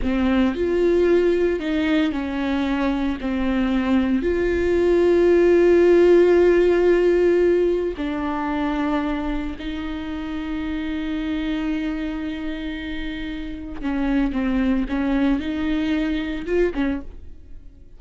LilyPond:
\new Staff \with { instrumentName = "viola" } { \time 4/4 \tempo 4 = 113 c'4 f'2 dis'4 | cis'2 c'2 | f'1~ | f'2. d'4~ |
d'2 dis'2~ | dis'1~ | dis'2 cis'4 c'4 | cis'4 dis'2 f'8 cis'8 | }